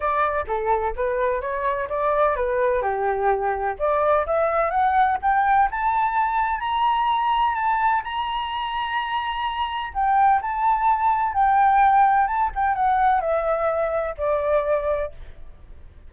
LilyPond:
\new Staff \with { instrumentName = "flute" } { \time 4/4 \tempo 4 = 127 d''4 a'4 b'4 cis''4 | d''4 b'4 g'2 | d''4 e''4 fis''4 g''4 | a''2 ais''2 |
a''4 ais''2.~ | ais''4 g''4 a''2 | g''2 a''8 g''8 fis''4 | e''2 d''2 | }